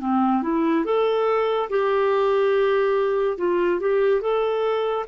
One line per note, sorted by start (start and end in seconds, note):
0.00 0.42 C4
0.43 0.85 E4
0.85 1.69 A4
1.69 3.38 G4
3.38 3.80 F4
3.80 4.21 G4
4.21 5.06 A4